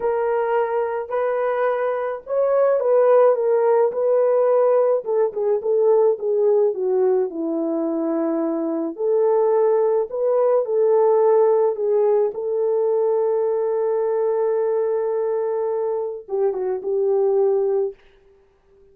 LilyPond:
\new Staff \with { instrumentName = "horn" } { \time 4/4 \tempo 4 = 107 ais'2 b'2 | cis''4 b'4 ais'4 b'4~ | b'4 a'8 gis'8 a'4 gis'4 | fis'4 e'2. |
a'2 b'4 a'4~ | a'4 gis'4 a'2~ | a'1~ | a'4 g'8 fis'8 g'2 | }